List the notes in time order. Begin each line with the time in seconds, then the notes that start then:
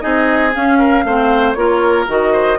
0.00 C4 D#4 G#4 D#5
0.53 C#4 F5
0.78 A#4
1.04 A3 C4 C5
1.53 A#3 F4 A#4 C#5
2.07 D#3 F#4 D#5
2.33 C5